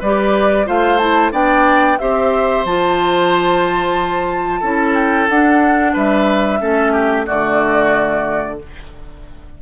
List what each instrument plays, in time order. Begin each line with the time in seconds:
0.00 bassoon G3, clarinet G4, oboe B4, flute D5
0.65 bassoon A3, clarinet F4, oboe C5, flute F5
0.98 clarinet E4, flute A5
1.32 bassoon B3, clarinet D4, oboe D5, flute G5
1.99 bassoon C4, clarinet G4, oboe C5, flute E5
2.65 bassoon F3, clarinet F4, flute A5
4.60 bassoon C#4, clarinet E4, oboe A4
4.94 flute G5
5.29 clarinet D4, bassoon D4, flute F#5
5.93 bassoon G3, oboe B4, flute E5
6.59 bassoon A3, clarinet C#4, oboe A4
6.92 oboe G4
7.25 bassoon D3, clarinet A3, oboe F#4, flute D5